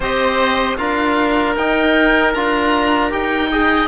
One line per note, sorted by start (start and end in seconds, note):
0.00 0.76 C4
0.00 0.77 G4
0.00 0.77 C5
0.00 0.77 D#5
0.77 1.55 D4
0.77 1.55 F4
0.77 3.51 A#4
0.77 1.55 F5
1.55 2.33 D#4
1.55 2.35 D#4
1.55 2.33 G5
2.33 3.11 D4
2.33 3.10 F4
2.33 3.11 A#5
3.10 3.87 D#4
3.10 3.49 G4
3.10 3.87 G5
3.51 3.87 G#4
3.51 3.87 D#5